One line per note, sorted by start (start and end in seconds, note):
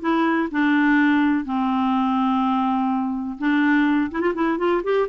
0.00 0.48 E4
0.51 1.44 D4
1.44 3.38 C4
3.38 4.11 D4
4.11 4.21 E4
4.21 4.33 F4
4.34 4.58 E4
4.58 4.82 F4
4.83 5.08 G4